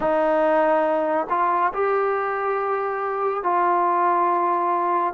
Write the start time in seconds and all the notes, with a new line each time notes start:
0.00 D#4
1.29 F4
1.73 G4
3.43 F4